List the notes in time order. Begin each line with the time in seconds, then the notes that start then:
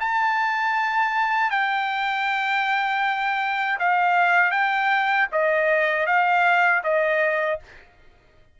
0.00 A5
1.51 G5
3.79 F5
4.51 G5
5.32 D#5
6.07 F5
6.84 D#5